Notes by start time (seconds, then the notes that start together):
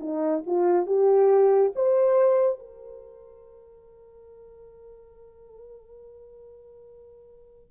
0.00 D#4
0.46 F4
0.86 G4
1.75 C5
2.59 A#4